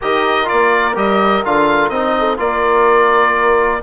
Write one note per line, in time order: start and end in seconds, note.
0.01 0.51 D#3
0.01 0.44 G4
0.01 2.17 A#4
0.01 0.48 D#5
0.44 0.92 F4
0.44 0.96 D5
0.51 0.95 A#3
0.95 1.43 G3
0.95 1.43 G4
0.95 1.44 D#5
1.45 1.89 D3
1.45 1.93 F4
1.45 1.89 F5
1.89 2.37 C4
1.89 2.37 D#4
1.89 2.37 D#5
2.19 2.39 A4
2.37 3.82 A#3
2.37 3.81 F4
2.37 3.82 A#4
2.37 3.82 D5